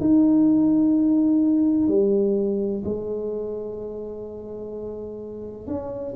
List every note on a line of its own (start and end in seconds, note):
0.00 1.87 D#4
1.87 2.83 G3
2.84 5.67 G#3
5.67 6.14 C#4